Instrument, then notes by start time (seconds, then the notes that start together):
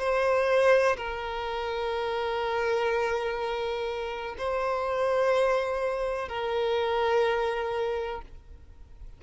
violin
0.00 C5
0.97 A#4
4.39 C5
6.29 A#4